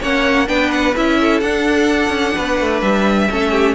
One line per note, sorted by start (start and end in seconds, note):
0.00 0.48 A#3
0.00 0.46 C#4
0.00 0.47 C#5
0.00 0.48 F#5
0.46 0.95 B3
0.46 0.93 D4
0.46 1.17 B4
0.46 0.71 G5
0.71 0.95 F#5
0.95 1.41 C#4
0.95 1.42 E4
0.95 1.40 E5
1.20 2.35 A4
1.40 2.09 D4
1.40 3.30 D4
1.40 2.81 F#5
2.09 2.33 C#4
2.35 2.60 B3
2.35 3.29 B4
2.60 2.82 A3
2.81 3.29 G3
2.81 3.75 E5
3.30 3.75 A3
3.30 3.75 C#4
3.30 3.51 A4
3.51 3.74 G4